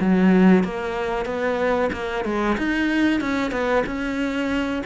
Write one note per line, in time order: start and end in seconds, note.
0.00 0.64 F#3
0.64 1.25 A#3
1.25 1.90 B3
1.92 2.24 A#3
2.24 2.57 G#3
2.58 3.21 D#4
3.21 3.51 C#4
3.51 3.84 B3
3.86 4.83 C#4